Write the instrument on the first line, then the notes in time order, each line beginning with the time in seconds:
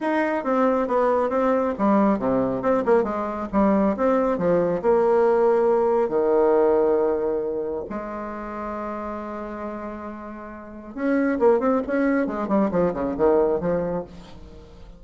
bassoon
0.00 D#4
0.44 C4
0.87 B3
1.29 C4
1.78 G3
2.18 C3
2.61 C4
2.85 A#3
3.03 G#3
3.52 G3
3.96 C4
4.38 F3
4.82 A#3
6.08 D#3
7.89 G#3
10.94 C#4
11.39 A#3
11.59 C4
11.86 C#4
12.26 G#3
12.48 G3
12.71 F3
12.93 C#3
13.17 D#3
13.60 F3